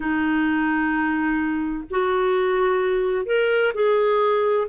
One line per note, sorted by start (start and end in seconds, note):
0.00 1.84 D#4
1.90 3.26 F#4
3.26 3.72 A#4
3.74 4.67 G#4